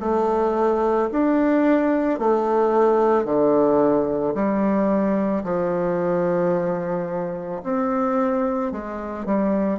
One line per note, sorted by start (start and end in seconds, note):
0.00 1.09 A3
1.12 2.19 D4
2.19 3.25 A3
3.25 4.34 D3
4.34 5.43 G3
5.44 7.62 F3
7.63 8.72 C4
8.72 9.25 G#3
9.25 9.79 G3